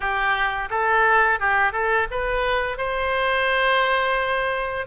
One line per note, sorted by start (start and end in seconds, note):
0.00 0.68 G4
0.69 1.39 A4
1.39 1.72 G4
1.72 2.07 A4
2.10 2.77 B4
2.77 4.86 C5